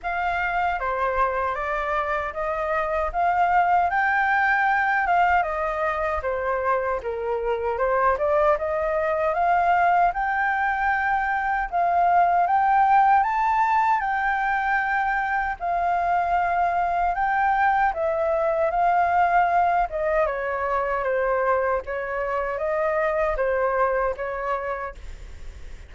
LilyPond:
\new Staff \with { instrumentName = "flute" } { \time 4/4 \tempo 4 = 77 f''4 c''4 d''4 dis''4 | f''4 g''4. f''8 dis''4 | c''4 ais'4 c''8 d''8 dis''4 | f''4 g''2 f''4 |
g''4 a''4 g''2 | f''2 g''4 e''4 | f''4. dis''8 cis''4 c''4 | cis''4 dis''4 c''4 cis''4 | }